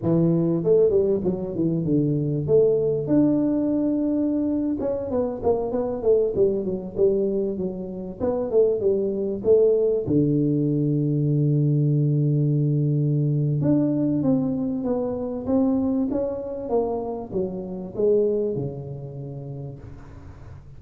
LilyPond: \new Staff \with { instrumentName = "tuba" } { \time 4/4 \tempo 4 = 97 e4 a8 g8 fis8 e8 d4 | a4 d'2~ d'8. cis'16~ | cis'16 b8 ais8 b8 a8 g8 fis8 g8.~ | g16 fis4 b8 a8 g4 a8.~ |
a16 d2.~ d8.~ | d2 d'4 c'4 | b4 c'4 cis'4 ais4 | fis4 gis4 cis2 | }